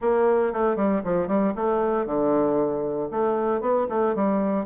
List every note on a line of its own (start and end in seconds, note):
0.01 0.53 A#3
0.53 0.76 A3
0.76 1.02 G3
1.03 1.27 F3
1.27 1.53 G3
1.55 2.06 A3
2.06 3.09 D3
3.11 3.60 A3
3.60 3.86 B3
3.89 4.15 A3
4.15 4.65 G3